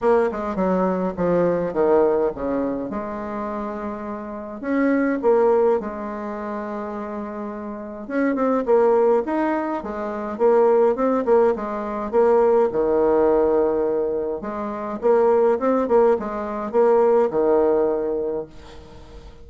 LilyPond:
\new Staff \with { instrumentName = "bassoon" } { \time 4/4 \tempo 4 = 104 ais8 gis8 fis4 f4 dis4 | cis4 gis2. | cis'4 ais4 gis2~ | gis2 cis'8 c'8 ais4 |
dis'4 gis4 ais4 c'8 ais8 | gis4 ais4 dis2~ | dis4 gis4 ais4 c'8 ais8 | gis4 ais4 dis2 | }